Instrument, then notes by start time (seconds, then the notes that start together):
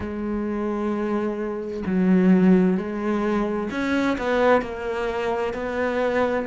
cello
0.00 G#3
1.85 F#3
2.77 G#3
3.70 C#4
4.17 B3
4.61 A#3
5.53 B3